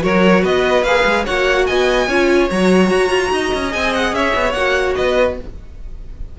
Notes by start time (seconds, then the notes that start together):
0.00 F#3 F#4 A#4 C#5
0.42 B3 B4 D#5
0.83 A#3 G#4 F5
1.05 G#3
1.24 A#3 F#4 C#5 F#5
1.66 B3 D#5 G#5
2.07 C#4 F4 C#5
2.50 F#3 F#4 A#5
2.91 F#4
3.10 F4
3.31 D#4 D#5
3.54 C#4
3.69 C4 G#4 G#5
3.94 F#5
4.12 C#4 C#5 E5
4.35 B3
4.52 A#3 F#4 F#5
4.95 B3 B4 D#5